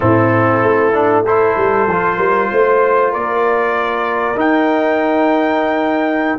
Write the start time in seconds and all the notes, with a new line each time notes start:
0.00 A2 C4 E4 A4
0.62 A3
0.92 D4
1.24 E4 A4 C5
1.56 G3
1.87 F3 F4
2.17 G3 A#4
2.51 A3 C5
3.11 A#3 A#4 D5
4.35 D#4 G5